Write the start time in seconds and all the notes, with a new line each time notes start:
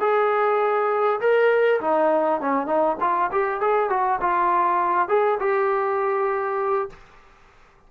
0.00 G#4
1.21 A#4
1.81 D#4
2.41 C#4
2.66 D#4
3.01 F4
3.32 G4
3.61 G#4
3.89 F#4
4.21 F4
5.08 G#4
5.40 G4